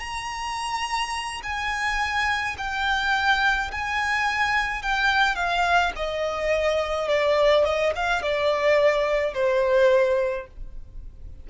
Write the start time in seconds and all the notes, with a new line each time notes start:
0.00 A#5
1.43 G#5
2.58 G5
3.72 G#5
4.82 G5
5.36 F5
5.96 D#5
7.09 D5
7.65 D#5
7.96 F5
8.22 D5
9.34 C5